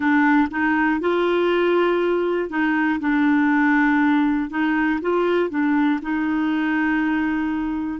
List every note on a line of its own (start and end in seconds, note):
0.00 0.48 D4
0.50 1.00 D#4
1.00 2.49 F4
2.49 2.99 D#4
3.00 4.50 D4
4.50 5.00 D#4
5.00 5.50 F4
5.50 6.00 D4
6.01 8.00 D#4